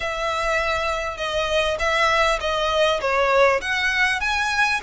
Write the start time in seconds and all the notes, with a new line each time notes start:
0.00 E5
1.17 D#5
1.79 E5
2.40 D#5
3.01 C#5
3.61 F#5
4.20 G#5